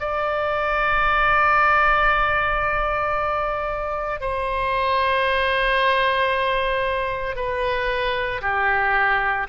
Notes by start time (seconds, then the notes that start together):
0.00 D5
4.21 C5
7.36 B4
8.42 G4